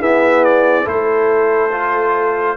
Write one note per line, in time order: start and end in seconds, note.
0.00 0.85 B3
0.00 0.86 E4
0.00 0.84 G#4
0.00 0.44 E5
0.44 0.87 D5
0.84 2.57 A3
0.84 1.71 E4
0.84 2.56 A4
0.84 2.57 C5
1.72 2.57 F4